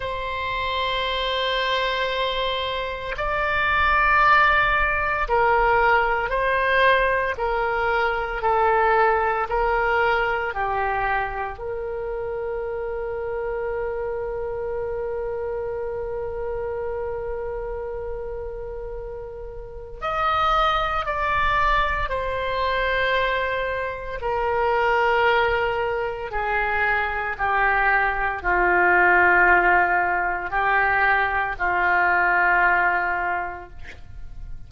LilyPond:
\new Staff \with { instrumentName = "oboe" } { \time 4/4 \tempo 4 = 57 c''2. d''4~ | d''4 ais'4 c''4 ais'4 | a'4 ais'4 g'4 ais'4~ | ais'1~ |
ais'2. dis''4 | d''4 c''2 ais'4~ | ais'4 gis'4 g'4 f'4~ | f'4 g'4 f'2 | }